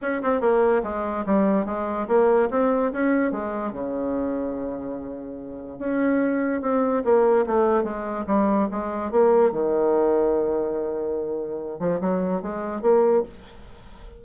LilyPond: \new Staff \with { instrumentName = "bassoon" } { \time 4/4 \tempo 4 = 145 cis'8 c'8 ais4 gis4 g4 | gis4 ais4 c'4 cis'4 | gis4 cis2.~ | cis2 cis'2 |
c'4 ais4 a4 gis4 | g4 gis4 ais4 dis4~ | dis1~ | dis8 f8 fis4 gis4 ais4 | }